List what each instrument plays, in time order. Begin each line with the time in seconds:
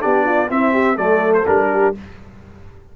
0.00 tuba B3, trombone D4, horn G4, trumpet D5
0.25 horn F4
0.49 trombone C4, tuba C4, horn E4, trumpet E5
0.73 horn G4
0.95 tuba F#3, trombone A3, horn A4, trumpet D5
1.34 trumpet C5
1.46 tuba G3, trombone D4, trumpet A#4
1.72 horn G4